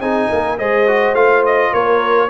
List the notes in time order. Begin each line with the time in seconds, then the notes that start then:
0.00 C4 D#4 G#4 G#5
0.29 A#3 A#4
0.58 G#3 G#4 C5 D#5
0.87 F#4
1.13 A3 F4 F5
1.45 D#5
1.72 A#3 A#4 C#5